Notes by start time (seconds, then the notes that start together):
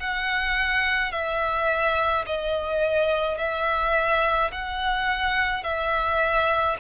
0.00 F#5
1.12 E5
2.26 D#5
3.38 E5
4.52 F#5
5.64 E5